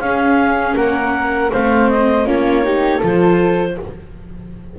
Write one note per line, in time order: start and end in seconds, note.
0.00 0.75 C#4
0.00 1.52 C#4
0.00 0.77 G#4
0.00 0.76 F5
0.76 1.51 A#3
0.76 1.52 A#4
0.76 1.52 F#5
1.53 2.27 A3
1.53 2.26 C4
1.53 2.26 C5
1.53 1.90 F5
1.90 2.27 D#5
2.26 3.02 A#3
2.26 2.63 C#4
2.26 2.64 F4
2.26 3.02 C#5
2.63 3.01 D#4
2.63 2.98 G4
2.98 3.78 F3
2.98 3.77 F4
2.98 3.73 A4
3.04 3.79 C5